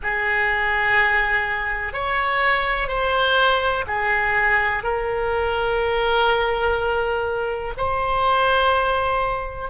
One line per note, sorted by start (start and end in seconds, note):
0.03 1.93 G#4
1.93 2.88 C#5
2.88 3.84 C5
3.87 4.83 G#4
4.83 7.73 A#4
7.77 9.70 C5